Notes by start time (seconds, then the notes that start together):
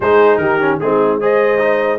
0.00 G#3 D#4 G#4 C5
0.37 D#3 G4 A#4
0.60 C#4
0.80 G#3 C4 D#4 G#4
1.20 G#4 C5 D#5
1.59 D#4